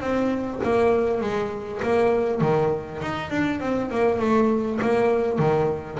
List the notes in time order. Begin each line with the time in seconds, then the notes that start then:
0.00 C4
0.64 A#3
1.21 G#3
1.82 A#3
2.41 D#3
3.02 D#4
3.30 D4
3.60 C4
3.91 A#3
4.19 A3
4.82 A#3
5.39 D#3